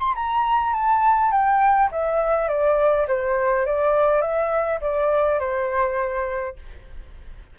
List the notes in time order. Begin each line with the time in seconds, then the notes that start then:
0.00 C6
0.15 A#5
0.73 A5
1.32 G5
1.91 E5
2.48 D5
3.08 C5
3.66 D5
4.22 E5
4.81 D5
5.40 C5